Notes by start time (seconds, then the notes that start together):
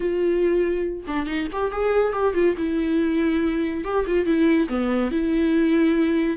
0.00 F4
1.07 D4
1.26 D#4
1.52 G4
1.71 G#4
2.13 G4
2.34 F4
2.57 E4
3.84 G4
4.06 F4
4.25 E4
4.68 B3
5.11 E4